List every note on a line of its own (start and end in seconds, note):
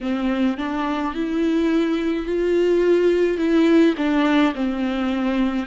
0.01 0.57 C4
0.57 1.14 D4
1.14 2.26 E4
2.26 3.37 F4
3.37 3.94 E4
3.97 4.53 D4
4.54 5.66 C4